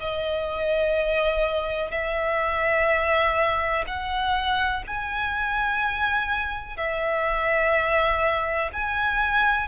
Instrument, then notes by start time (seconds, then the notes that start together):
violin
0.00 D#5
1.90 E5
3.87 F#5
4.87 G#5
6.77 E5
8.73 G#5